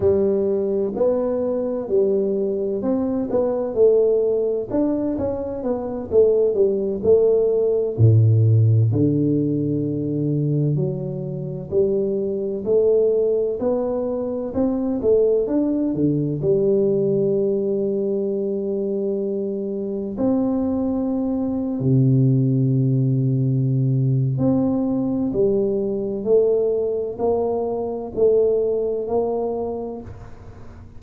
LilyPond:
\new Staff \with { instrumentName = "tuba" } { \time 4/4 \tempo 4 = 64 g4 b4 g4 c'8 b8 | a4 d'8 cis'8 b8 a8 g8 a8~ | a8 a,4 d2 fis8~ | fis8 g4 a4 b4 c'8 |
a8 d'8 d8 g2~ g8~ | g4. c'4.~ c'16 c8.~ | c2 c'4 g4 | a4 ais4 a4 ais4 | }